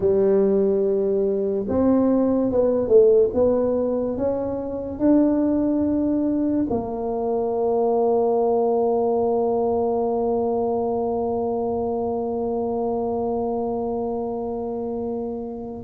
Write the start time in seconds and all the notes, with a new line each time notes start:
0.00 G3
1.68 C4
2.51 B3
2.87 A3
3.33 B3
4.17 C#4
4.99 D4
6.70 A#3